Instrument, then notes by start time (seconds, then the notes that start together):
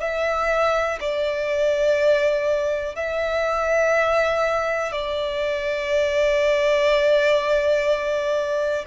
violin
0.00 E5
1.00 D5
2.96 E5
4.91 D5